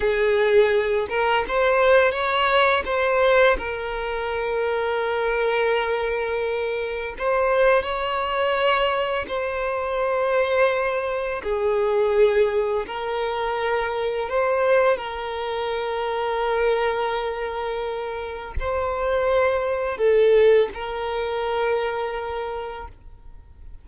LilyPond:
\new Staff \with { instrumentName = "violin" } { \time 4/4 \tempo 4 = 84 gis'4. ais'8 c''4 cis''4 | c''4 ais'2.~ | ais'2 c''4 cis''4~ | cis''4 c''2. |
gis'2 ais'2 | c''4 ais'2.~ | ais'2 c''2 | a'4 ais'2. | }